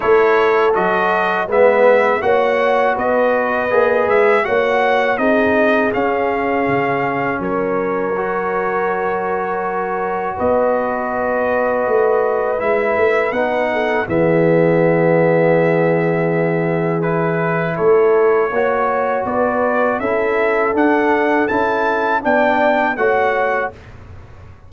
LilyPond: <<
  \new Staff \with { instrumentName = "trumpet" } { \time 4/4 \tempo 4 = 81 cis''4 dis''4 e''4 fis''4 | dis''4. e''8 fis''4 dis''4 | f''2 cis''2~ | cis''2 dis''2~ |
dis''4 e''4 fis''4 e''4~ | e''2. b'4 | cis''2 d''4 e''4 | fis''4 a''4 g''4 fis''4 | }
  \new Staff \with { instrumentName = "horn" } { \time 4/4 a'2 b'4 cis''4 | b'2 cis''4 gis'4~ | gis'2 ais'2~ | ais'2 b'2~ |
b'2~ b'8 a'8 gis'4~ | gis'1 | a'4 cis''4 b'4 a'4~ | a'2 d''4 cis''4 | }
  \new Staff \with { instrumentName = "trombone" } { \time 4/4 e'4 fis'4 b4 fis'4~ | fis'4 gis'4 fis'4 dis'4 | cis'2. fis'4~ | fis'1~ |
fis'4 e'4 dis'4 b4~ | b2. e'4~ | e'4 fis'2 e'4 | d'4 e'4 d'4 fis'4 | }
  \new Staff \with { instrumentName = "tuba" } { \time 4/4 a4 fis4 gis4 ais4 | b4 ais8 gis8 ais4 c'4 | cis'4 cis4 fis2~ | fis2 b2 |
a4 gis8 a8 b4 e4~ | e1 | a4 ais4 b4 cis'4 | d'4 cis'4 b4 a4 | }
>>